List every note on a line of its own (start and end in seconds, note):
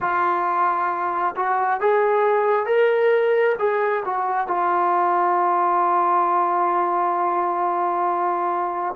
0.00 1.35 F4
1.36 1.80 F#4
1.80 2.65 G#4
2.65 3.55 A#4
3.58 4.03 G#4
4.05 4.47 F#4
4.47 8.95 F4